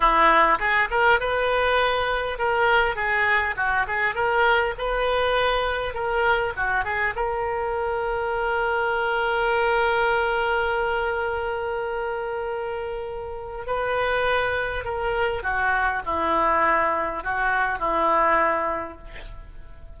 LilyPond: \new Staff \with { instrumentName = "oboe" } { \time 4/4 \tempo 4 = 101 e'4 gis'8 ais'8 b'2 | ais'4 gis'4 fis'8 gis'8 ais'4 | b'2 ais'4 fis'8 gis'8 | ais'1~ |
ais'1~ | ais'2. b'4~ | b'4 ais'4 fis'4 e'4~ | e'4 fis'4 e'2 | }